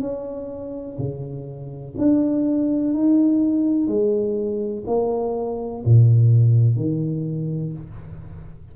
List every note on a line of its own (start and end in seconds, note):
0.00 0.97 C#4
0.98 1.95 C#3
1.98 2.94 D4
2.94 3.87 D#4
3.87 4.84 G#3
4.87 5.83 A#3
5.85 6.76 A#2
6.76 7.73 D#3